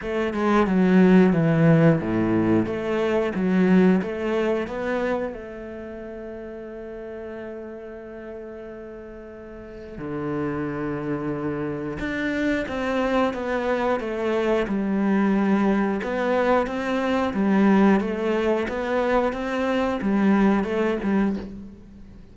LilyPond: \new Staff \with { instrumentName = "cello" } { \time 4/4 \tempo 4 = 90 a8 gis8 fis4 e4 a,4 | a4 fis4 a4 b4 | a1~ | a2. d4~ |
d2 d'4 c'4 | b4 a4 g2 | b4 c'4 g4 a4 | b4 c'4 g4 a8 g8 | }